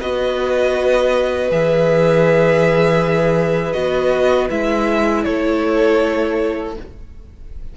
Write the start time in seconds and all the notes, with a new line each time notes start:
0.00 B3 F#4 B4 D#5
1.50 E3 G#4 E5
3.72 B3 F#4 D#5
4.49 G#3 E4 E5
5.24 A3 A4 C#5